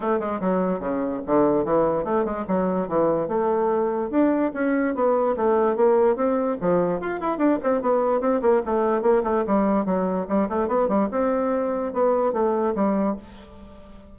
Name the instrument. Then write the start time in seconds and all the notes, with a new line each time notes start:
bassoon
0.00 A3
0.19 G#3
0.40 F#3
0.79 C#3
1.26 D3
1.65 E3
2.04 A3
2.24 G#3
2.47 F#3
2.87 E3
3.28 A3
4.10 D4
4.53 C#4
4.94 B3
5.36 A3
5.76 A#3
6.16 C4
6.60 F3
7.00 F4
7.20 E4
7.37 D4
7.63 C4
7.81 B3
8.20 C4
8.41 A#3
8.65 A3
9.02 A#3
9.23 A3
9.46 G3
9.85 F#3
10.28 G3
10.49 A3
10.68 B3
10.88 G3
11.11 C4
11.93 B3
12.33 A3
12.75 G3